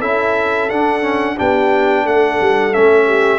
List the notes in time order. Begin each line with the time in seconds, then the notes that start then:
0.00 C#4 E4 A4 E5
0.70 D4 F#5
1.02 C#4
1.37 B3 D4 G4 G5
2.06 A3 A4 F#5
2.41 G3
2.73 A3 C#4 E5
3.07 G4